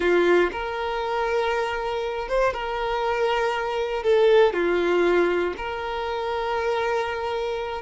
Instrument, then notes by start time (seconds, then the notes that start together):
violin
0.00 F4
0.52 A#4
2.28 C5
2.53 A#4
4.03 A4
4.53 F4
5.57 A#4